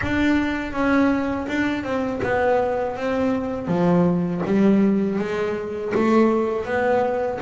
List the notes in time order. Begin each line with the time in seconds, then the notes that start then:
0.01 D4
0.72 C#4
1.48 D4
1.83 C4
2.23 B3
2.96 C4
3.67 F3
4.45 G3
5.18 G#3
5.95 A3
6.65 B3